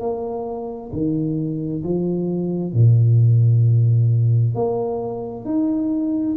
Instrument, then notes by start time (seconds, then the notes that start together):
tuba
0.00 A#3
0.93 D#3
1.84 F3
2.74 A#2
4.55 A#3
5.45 D#4